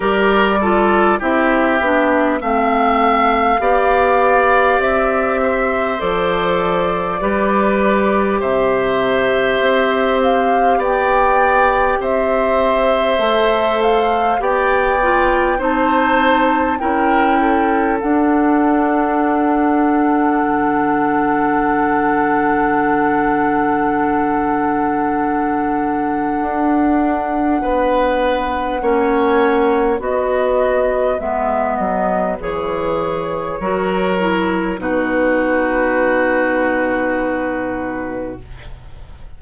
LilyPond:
<<
  \new Staff \with { instrumentName = "flute" } { \time 4/4 \tempo 4 = 50 d''4 e''4 f''2 | e''4 d''2 e''4~ | e''8 f''8 g''4 e''4. f''8 | g''4 a''4 g''4 fis''4~ |
fis''1~ | fis''1~ | fis''4 dis''4 e''8 dis''8 cis''4~ | cis''4 b'2. | }
  \new Staff \with { instrumentName = "oboe" } { \time 4/4 ais'8 a'8 g'4 e''4 d''4~ | d''8 c''4. b'4 c''4~ | c''4 d''4 c''2 | d''4 c''4 ais'8 a'4.~ |
a'1~ | a'2. b'4 | cis''4 b'2. | ais'4 fis'2. | }
  \new Staff \with { instrumentName = "clarinet" } { \time 4/4 g'8 f'8 e'8 d'8 c'4 g'4~ | g'4 a'4 g'2~ | g'2. a'4 | g'8 f'8 dis'4 e'4 d'4~ |
d'1~ | d'1 | cis'4 fis'4 b4 gis'4 | fis'8 e'8 dis'2. | }
  \new Staff \with { instrumentName = "bassoon" } { \time 4/4 g4 c'8 b8 a4 b4 | c'4 f4 g4 c4 | c'4 b4 c'4 a4 | b4 c'4 cis'4 d'4~ |
d'4 d2.~ | d2 d'4 b4 | ais4 b4 gis8 fis8 e4 | fis4 b,2. | }
>>